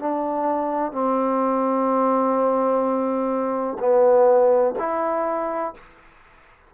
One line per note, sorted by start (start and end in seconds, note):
0.00 0.92 D4
0.92 3.78 C4
3.80 4.75 B3
4.79 5.74 E4